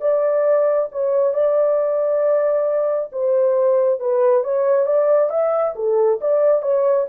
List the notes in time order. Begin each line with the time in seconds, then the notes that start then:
0.00 D5
0.91 C#5
1.34 D5
3.12 C5
3.99 B4
4.44 C#5
4.86 D5
5.29 E5
5.75 A4
6.20 D5
6.62 C#5